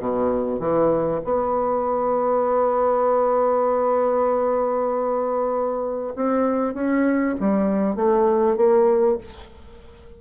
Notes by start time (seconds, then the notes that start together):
0.00 B2
0.60 E3
1.25 B3
6.16 C4
6.75 C#4
7.41 G3
7.96 A3
8.57 A#3